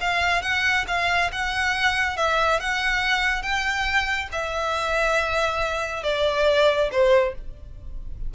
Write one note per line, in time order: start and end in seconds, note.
0.00 0.42 F5
0.42 0.85 F#5
0.87 1.30 F5
1.32 2.17 F#5
2.17 2.60 E5
2.60 3.42 F#5
3.42 4.28 G5
4.32 6.03 E5
6.03 6.89 D5
6.91 7.34 C5